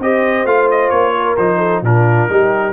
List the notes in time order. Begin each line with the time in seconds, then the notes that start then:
0.00 C4 G4 C5 D#5
0.46 A3 F4 F5
0.71 D#5
0.90 A#3 C#5
1.15 A#4
1.37 F3 D#4 C5
1.58 A4
1.82 A#2 D4 F4 A#4
2.29 G3 D#4 G4